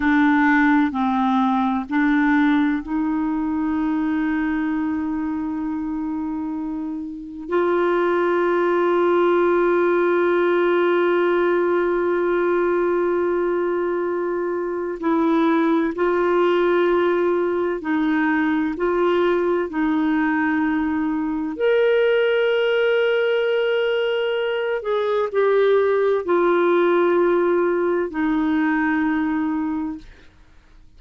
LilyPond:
\new Staff \with { instrumentName = "clarinet" } { \time 4/4 \tempo 4 = 64 d'4 c'4 d'4 dis'4~ | dis'1 | f'1~ | f'1 |
e'4 f'2 dis'4 | f'4 dis'2 ais'4~ | ais'2~ ais'8 gis'8 g'4 | f'2 dis'2 | }